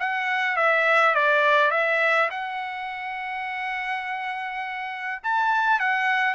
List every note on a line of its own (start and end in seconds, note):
0.00 0.57 F#5
0.57 1.15 E5
1.15 1.71 D5
1.71 2.30 E5
2.31 5.22 F#5
5.23 5.80 A5
5.80 6.35 F#5